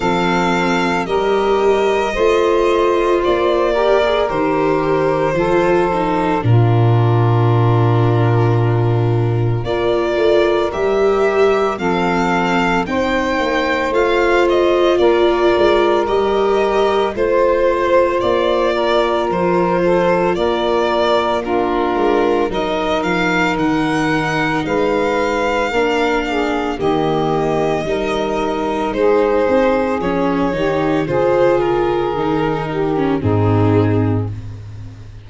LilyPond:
<<
  \new Staff \with { instrumentName = "violin" } { \time 4/4 \tempo 4 = 56 f''4 dis''2 d''4 | c''2 ais'2~ | ais'4 d''4 e''4 f''4 | g''4 f''8 dis''8 d''4 dis''4 |
c''4 d''4 c''4 d''4 | ais'4 dis''8 f''8 fis''4 f''4~ | f''4 dis''2 c''4 | cis''4 c''8 ais'4. gis'4 | }
  \new Staff \with { instrumentName = "saxophone" } { \time 4/4 a'4 ais'4 c''4. ais'8~ | ais'4 a'4 f'2~ | f'4 ais'2 a'4 | c''2 ais'2 |
c''4. ais'4 a'8 ais'4 | f'4 ais'2 b'4 | ais'8 gis'8 g'4 ais'4 gis'4~ | gis'8 g'8 gis'4. g'8 dis'4 | }
  \new Staff \with { instrumentName = "viola" } { \time 4/4 c'4 g'4 f'4. g'16 gis'16 | g'4 f'8 dis'8 d'2~ | d'4 f'4 g'4 c'4 | dis'4 f'2 g'4 |
f'1 | d'4 dis'2. | d'4 ais4 dis'2 | cis'8 dis'8 f'4 dis'8. cis'16 c'4 | }
  \new Staff \with { instrumentName = "tuba" } { \time 4/4 f4 g4 a4 ais4 | dis4 f4 ais,2~ | ais,4 ais8 a8 g4 f4 | c'8 ais8 a4 ais8 gis8 g4 |
a4 ais4 f4 ais4~ | ais8 gis8 fis8 f8 dis4 gis4 | ais4 dis4 g4 gis8 c'8 | f8 dis8 cis4 dis4 gis,4 | }
>>